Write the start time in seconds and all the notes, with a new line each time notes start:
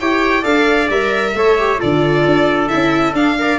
0.00 E4 G4 C#5 G5
0.41 D4 A4 D5 F5
0.90 G3 A#4 E5
1.34 A3 A4 C#5
1.58 G4
1.78 D3 F4 A4 D5
2.25 D4
2.68 C#4 E4 E5
3.13 D4 F5
3.38 A#4 D5